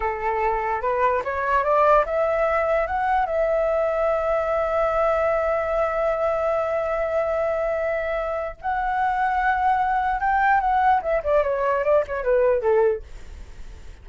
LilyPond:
\new Staff \with { instrumentName = "flute" } { \time 4/4 \tempo 4 = 147 a'2 b'4 cis''4 | d''4 e''2 fis''4 | e''1~ | e''1~ |
e''1~ | e''4 fis''2.~ | fis''4 g''4 fis''4 e''8 d''8 | cis''4 d''8 cis''8 b'4 a'4 | }